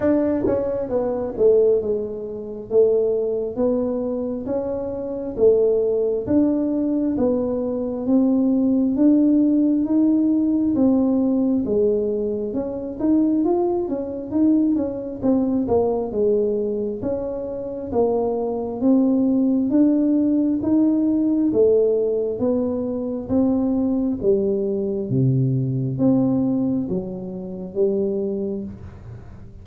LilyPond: \new Staff \with { instrumentName = "tuba" } { \time 4/4 \tempo 4 = 67 d'8 cis'8 b8 a8 gis4 a4 | b4 cis'4 a4 d'4 | b4 c'4 d'4 dis'4 | c'4 gis4 cis'8 dis'8 f'8 cis'8 |
dis'8 cis'8 c'8 ais8 gis4 cis'4 | ais4 c'4 d'4 dis'4 | a4 b4 c'4 g4 | c4 c'4 fis4 g4 | }